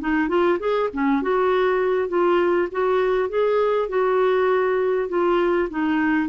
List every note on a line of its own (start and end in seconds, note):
0.00 0.29 D#4
0.29 0.59 F4
0.59 0.89 G#4
0.93 1.22 C#4
1.22 2.08 F#4
2.08 2.68 F4
2.72 3.29 F#4
3.29 3.89 G#4
3.89 5.09 F#4
5.09 5.69 F4
5.70 6.29 D#4